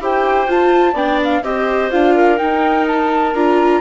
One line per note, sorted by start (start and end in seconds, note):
0.00 0.47 E4
0.00 0.48 G4
0.00 0.93 C5
0.00 0.51 G5
0.47 0.93 F4
0.47 0.95 F4
0.47 0.97 A5
0.93 1.41 B3
0.93 1.43 D4
0.93 1.41 D5
0.93 1.21 G5
1.24 1.44 F5
1.44 1.91 C4
1.44 1.91 G4
1.44 2.15 C5
1.44 1.91 D#5
1.91 2.41 D4
1.91 2.38 F4
1.91 2.38 F5
2.15 3.81 A#4
2.38 3.33 D#4
2.38 3.34 D#4
2.38 2.86 G5
2.88 3.35 A5
3.34 3.81 D4
3.34 3.81 F4
3.34 3.81 A#5